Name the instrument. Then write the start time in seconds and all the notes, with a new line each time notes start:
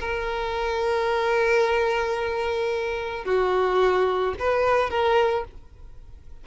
violin
0.00 A#4
3.25 F#4
4.39 B4
4.90 A#4